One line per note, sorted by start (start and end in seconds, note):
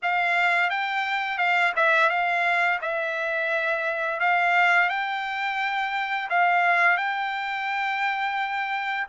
0.02 0.70 F5
0.70 1.38 G5
1.38 1.73 F5
1.75 2.09 E5
2.09 2.79 F5
2.81 4.20 E5
4.20 4.89 F5
4.89 6.29 G5
6.29 6.97 F5
6.97 9.06 G5